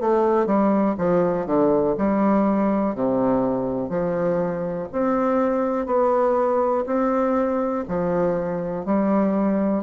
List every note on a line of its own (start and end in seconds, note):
0.00 0.46 A3
0.46 0.95 G3
0.98 1.46 F3
1.46 1.95 D3
1.98 2.95 G3
2.95 3.89 C3
3.89 4.88 F3
4.92 5.86 C4
5.86 6.85 B3
6.86 7.85 C4
7.88 8.85 F3
8.85 9.83 G3